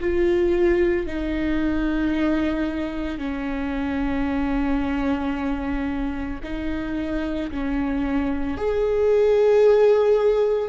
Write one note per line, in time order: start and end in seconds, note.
0.00 1.07 F4
1.07 3.18 D#4
3.18 6.39 C#4
6.43 7.50 D#4
7.50 8.57 C#4
8.57 10.69 G#4